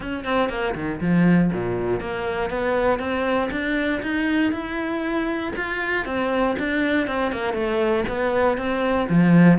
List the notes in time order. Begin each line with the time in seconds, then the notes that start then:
0.00 C#4
0.24 C4
0.49 A#3
0.74 D#3
1.00 F3
1.53 A#2
2.00 A#3
2.50 B3
2.99 C4
3.51 D4
4.02 D#4
4.51 E4
5.56 F4
6.05 C4
6.58 D4
7.07 C4
7.31 A#3
7.53 A3
8.08 B3
8.57 C4
9.09 F3